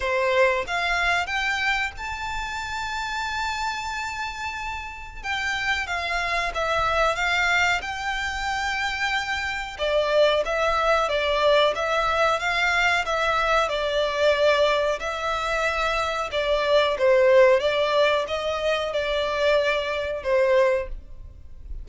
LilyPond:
\new Staff \with { instrumentName = "violin" } { \time 4/4 \tempo 4 = 92 c''4 f''4 g''4 a''4~ | a''1 | g''4 f''4 e''4 f''4 | g''2. d''4 |
e''4 d''4 e''4 f''4 | e''4 d''2 e''4~ | e''4 d''4 c''4 d''4 | dis''4 d''2 c''4 | }